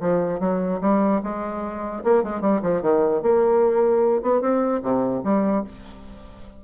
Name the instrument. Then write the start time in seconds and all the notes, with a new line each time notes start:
bassoon
0.00 F3
0.40 F#3
0.81 G3
1.23 G#3
2.04 A#3
2.23 G#3
2.41 G3
2.62 F3
2.82 D#3
3.22 A#3
4.22 B3
4.41 C4
4.82 C3
5.23 G3